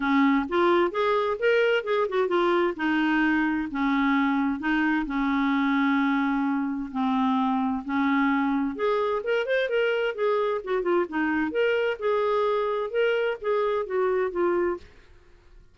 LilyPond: \new Staff \with { instrumentName = "clarinet" } { \time 4/4 \tempo 4 = 130 cis'4 f'4 gis'4 ais'4 | gis'8 fis'8 f'4 dis'2 | cis'2 dis'4 cis'4~ | cis'2. c'4~ |
c'4 cis'2 gis'4 | ais'8 c''8 ais'4 gis'4 fis'8 f'8 | dis'4 ais'4 gis'2 | ais'4 gis'4 fis'4 f'4 | }